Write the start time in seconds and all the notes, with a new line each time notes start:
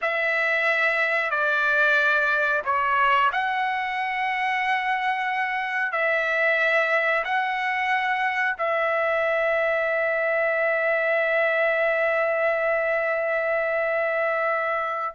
0.01 E5
1.30 D5
2.65 C#5
3.32 F#5
5.92 E5
7.24 F#5
8.57 E5